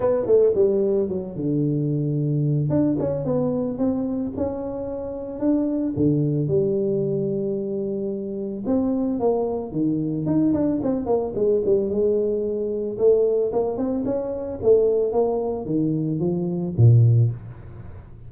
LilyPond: \new Staff \with { instrumentName = "tuba" } { \time 4/4 \tempo 4 = 111 b8 a8 g4 fis8 d4.~ | d4 d'8 cis'8 b4 c'4 | cis'2 d'4 d4 | g1 |
c'4 ais4 dis4 dis'8 d'8 | c'8 ais8 gis8 g8 gis2 | a4 ais8 c'8 cis'4 a4 | ais4 dis4 f4 ais,4 | }